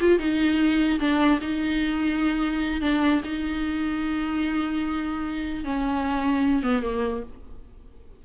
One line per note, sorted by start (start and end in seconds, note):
0.00 0.19 F4
0.19 0.99 D#4
0.99 1.40 D4
1.41 2.81 D#4
2.81 3.21 D4
3.24 5.64 D#4
5.64 6.63 C#4
6.63 6.83 B3
6.83 7.23 A#3